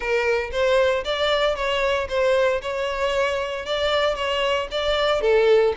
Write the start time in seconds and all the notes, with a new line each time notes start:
0.00 A#4
0.51 C5
1.04 D5
1.55 C#5
2.08 C5
2.61 C#5
3.65 D5
4.15 C#5
4.71 D5
5.21 A4